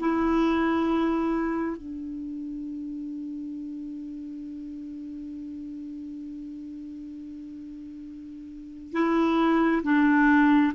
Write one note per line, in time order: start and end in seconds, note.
0.00 1.77 E4
1.77 8.93 D4
8.93 9.82 E4
9.84 10.73 D4